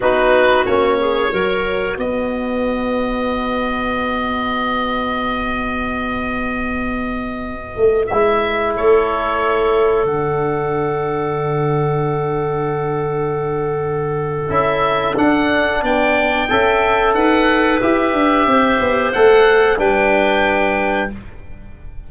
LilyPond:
<<
  \new Staff \with { instrumentName = "oboe" } { \time 4/4 \tempo 4 = 91 b'4 cis''2 dis''4~ | dis''1~ | dis''1~ | dis''16 e''4 cis''2 fis''8.~ |
fis''1~ | fis''2 e''4 fis''4 | g''2 fis''4 e''4~ | e''4 fis''4 g''2 | }
  \new Staff \with { instrumentName = "clarinet" } { \time 4/4 fis'4. gis'8 ais'4 b'4~ | b'1~ | b'1~ | b'4~ b'16 a'2~ a'8.~ |
a'1~ | a'1 | d''4 e''4 b'2 | c''2 b'2 | }
  \new Staff \with { instrumentName = "trombone" } { \time 4/4 dis'4 cis'4 fis'2~ | fis'1~ | fis'1~ | fis'16 e'2. d'8.~ |
d'1~ | d'2 e'4 d'4~ | d'4 a'2 g'4~ | g'4 a'4 d'2 | }
  \new Staff \with { instrumentName = "tuba" } { \time 4/4 b4 ais4 fis4 b4~ | b1~ | b2.~ b8. a16~ | a16 gis4 a2 d8.~ |
d1~ | d2 cis'4 d'4 | b4 cis'4 dis'4 e'8 d'8 | c'8 b8 a4 g2 | }
>>